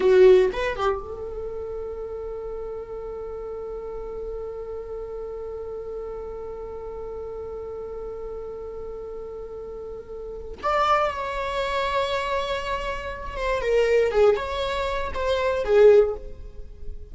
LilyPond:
\new Staff \with { instrumentName = "viola" } { \time 4/4 \tempo 4 = 119 fis'4 b'8 g'8 a'2~ | a'1~ | a'1~ | a'1~ |
a'1~ | a'4 d''4 cis''2~ | cis''2~ cis''8 c''8 ais'4 | gis'8 cis''4. c''4 gis'4 | }